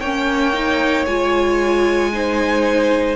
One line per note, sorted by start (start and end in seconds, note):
0.00 1.06 A#3
0.00 0.54 C#4
0.00 2.11 C#5
0.00 1.05 G5
0.54 1.06 D#4
1.06 3.16 G#3
1.06 2.13 F4
1.06 3.16 G#5
2.13 3.16 D#4
2.13 3.16 C5